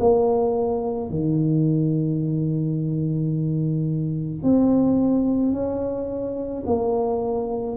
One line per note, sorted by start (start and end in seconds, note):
0.00 1.11 A#3
1.11 4.43 D#3
4.43 5.53 C4
5.53 6.64 C#4
6.67 7.77 A#3